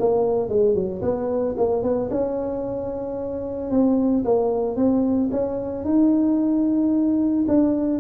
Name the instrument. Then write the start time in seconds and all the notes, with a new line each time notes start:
tuba
0.00 A#3
0.49 G#3
0.75 F#3
1.02 B3
1.58 A#3
1.83 B3
2.11 C#4
3.71 C4
4.25 A#3
4.77 C4
5.32 C#4
5.85 D#4
7.48 D4